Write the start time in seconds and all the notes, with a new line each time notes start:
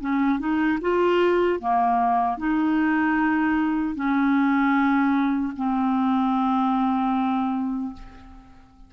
0.00 C#4
0.39 D#4
0.81 F4
1.60 A#3
2.38 D#4
3.95 C#4
5.56 C4